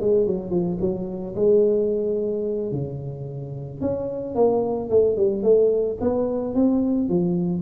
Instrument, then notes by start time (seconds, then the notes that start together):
tuba
0.00 G#3
0.27 F#3
0.50 F3
0.81 F#3
1.35 G#3
2.72 C#3
3.81 C#4
4.35 A#3
4.90 A3
5.17 G3
5.43 A3
6.01 B3
6.54 C4
7.09 F3